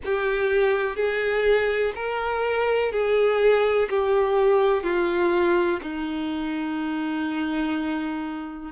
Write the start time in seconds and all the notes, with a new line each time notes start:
0.04 G4
0.96 G#4
1.95 A#4
2.92 G#4
3.89 G4
4.83 F4
5.82 D#4